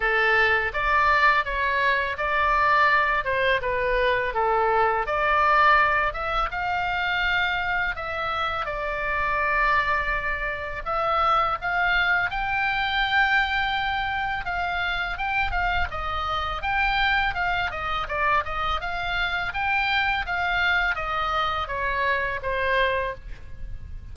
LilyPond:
\new Staff \with { instrumentName = "oboe" } { \time 4/4 \tempo 4 = 83 a'4 d''4 cis''4 d''4~ | d''8 c''8 b'4 a'4 d''4~ | d''8 e''8 f''2 e''4 | d''2. e''4 |
f''4 g''2. | f''4 g''8 f''8 dis''4 g''4 | f''8 dis''8 d''8 dis''8 f''4 g''4 | f''4 dis''4 cis''4 c''4 | }